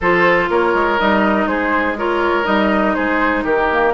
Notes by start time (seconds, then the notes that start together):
0.00 F3 F4 A4 C5
0.49 A#3 A#4 C#5
0.73 G#3
0.98 G3 D#4 D#5
1.46 G#3 G#4 C5
1.97 F4 A#4 C#5
2.44 G3 D#4 D#5
2.94 G#3 G#4 C5
3.43 D#3 G4 A#4
3.72 A#3